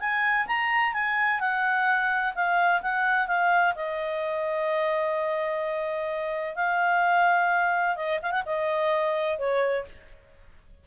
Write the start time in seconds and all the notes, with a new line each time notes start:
0.00 G#5
0.47 A#5
0.94 G#5
1.41 F#5
2.35 F5
2.82 F#5
3.28 F5
3.76 D#5
6.56 F5
7.96 D#5
8.23 F5
8.32 F#5
8.46 D#5
9.39 C#5